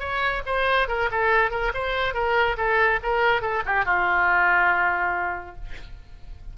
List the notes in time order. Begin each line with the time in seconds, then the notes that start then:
0.00 C#5
0.47 C5
0.89 A#4
1.12 A4
1.51 A#4
1.75 C5
2.14 A#4
2.57 A4
3.03 A#4
3.42 A4
3.66 G4
3.86 F4